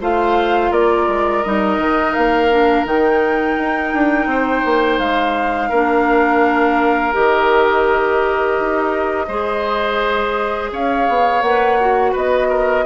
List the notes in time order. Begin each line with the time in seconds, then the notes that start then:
0.00 A3 F4 C5 F5
0.70 A#3 A#4 D5
1.07 G#3
1.43 G3 D#4 D#5
1.78 D#3
2.13 A#3 F5
2.51 D4
2.84 D#3 D#4 G5
3.57 D#4
3.93 D4
4.26 C4 C5
4.64 A#3
4.99 G#3 F5
5.69 A#3 D4 A#4
7.12 D#3 G4 D#5
8.59 D#4
9.27 G#3 G#4 C5
10.72 C#4 C#5 F5
11.08 B3
11.41 A#3 B4 F#5
11.80 F#4
12.12 B3 B4 D#5
12.49 A#4